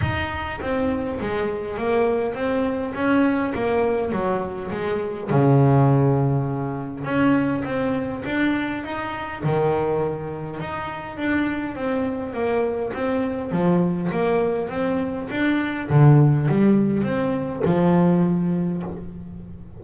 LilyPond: \new Staff \with { instrumentName = "double bass" } { \time 4/4 \tempo 4 = 102 dis'4 c'4 gis4 ais4 | c'4 cis'4 ais4 fis4 | gis4 cis2. | cis'4 c'4 d'4 dis'4 |
dis2 dis'4 d'4 | c'4 ais4 c'4 f4 | ais4 c'4 d'4 d4 | g4 c'4 f2 | }